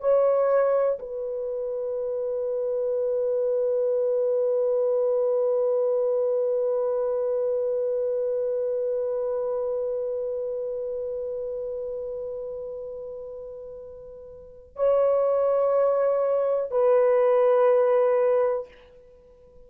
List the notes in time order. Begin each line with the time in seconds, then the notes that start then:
0.00 C#5
0.99 B4
14.76 C#5
16.71 B4